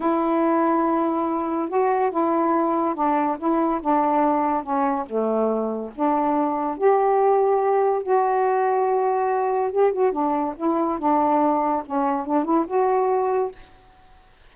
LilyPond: \new Staff \with { instrumentName = "saxophone" } { \time 4/4 \tempo 4 = 142 e'1 | fis'4 e'2 d'4 | e'4 d'2 cis'4 | a2 d'2 |
g'2. fis'4~ | fis'2. g'8 fis'8 | d'4 e'4 d'2 | cis'4 d'8 e'8 fis'2 | }